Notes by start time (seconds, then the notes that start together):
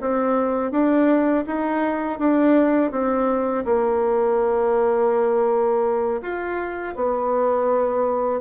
0.00 C4
0.71 D4
1.46 D#4
2.19 D4
2.91 C4
3.65 A#3
6.21 F4
6.95 B3